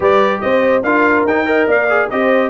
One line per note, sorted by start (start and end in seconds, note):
0.00 0.42 G3
0.00 0.82 G4
0.00 0.41 B4
0.00 0.40 D5
0.40 0.83 C4
0.40 0.84 C5
0.40 0.82 D#5
0.83 1.24 D4
0.83 1.27 F4
0.83 1.47 A#4
0.83 1.25 F5
1.24 1.66 D#4
1.24 1.45 D#4
1.24 1.68 G5
1.45 1.87 A#4
1.45 1.68 D#5
1.67 2.09 A#3
1.67 2.10 D5
1.67 2.10 F5
1.89 2.10 G#4
2.10 2.50 C4
2.10 2.50 G4
2.10 2.50 C5
2.10 2.50 D#5